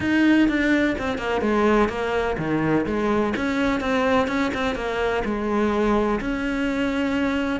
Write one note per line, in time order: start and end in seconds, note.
0.00 0.48 D#4
0.48 0.95 D4
0.98 1.18 C4
1.18 1.41 A#3
1.41 1.88 G#3
1.88 2.36 A#3
2.37 2.85 D#3
2.86 3.33 G#3
3.36 3.80 C#4
3.80 4.27 C4
4.27 4.51 C#4
4.53 4.75 C4
4.75 5.22 A#3
5.24 6.19 G#3
6.20 7.60 C#4